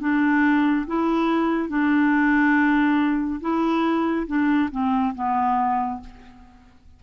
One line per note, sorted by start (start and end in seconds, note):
0.00 0.86 D4
0.87 1.69 E4
1.69 3.40 D4
3.41 4.27 E4
4.27 4.69 D4
4.71 5.14 C4
5.15 6.00 B3